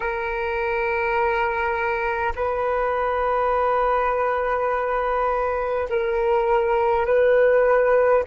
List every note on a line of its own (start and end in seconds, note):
0.00 2.32 A#4
2.35 5.88 B4
5.89 7.06 A#4
7.06 8.24 B4